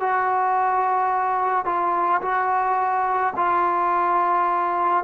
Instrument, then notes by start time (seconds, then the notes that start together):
trombone
0.00 F#4
1.65 F4
2.21 F#4
3.36 F4